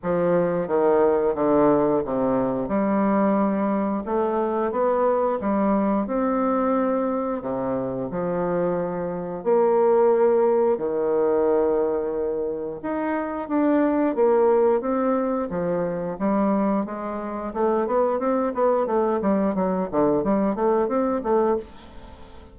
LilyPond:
\new Staff \with { instrumentName = "bassoon" } { \time 4/4 \tempo 4 = 89 f4 dis4 d4 c4 | g2 a4 b4 | g4 c'2 c4 | f2 ais2 |
dis2. dis'4 | d'4 ais4 c'4 f4 | g4 gis4 a8 b8 c'8 b8 | a8 g8 fis8 d8 g8 a8 c'8 a8 | }